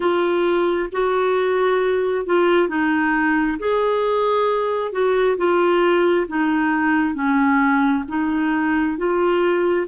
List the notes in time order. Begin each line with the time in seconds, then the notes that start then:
0.00 F4
0.92 F#4
2.26 F4
2.68 D#4
3.58 G#4
4.92 F#4
5.37 F4
6.27 D#4
7.14 C#4
8.08 D#4
8.97 F4